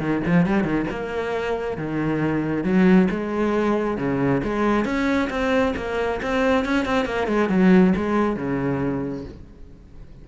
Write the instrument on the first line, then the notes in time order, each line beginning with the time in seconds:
cello
0.00 D#3
0.26 F3
0.46 G3
0.64 D#3
0.90 A#3
1.78 D#3
2.64 F#3
3.11 G#3
3.98 C#3
4.43 G#3
4.85 C#4
5.30 C4
5.77 A#3
6.22 C4
6.65 C#4
6.85 C4
7.05 A#3
7.28 G#3
7.49 F#3
7.96 G#3
8.36 C#3